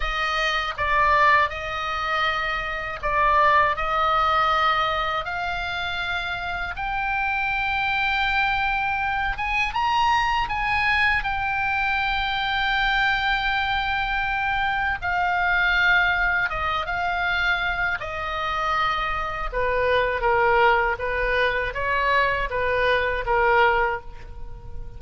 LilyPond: \new Staff \with { instrumentName = "oboe" } { \time 4/4 \tempo 4 = 80 dis''4 d''4 dis''2 | d''4 dis''2 f''4~ | f''4 g''2.~ | g''8 gis''8 ais''4 gis''4 g''4~ |
g''1 | f''2 dis''8 f''4. | dis''2 b'4 ais'4 | b'4 cis''4 b'4 ais'4 | }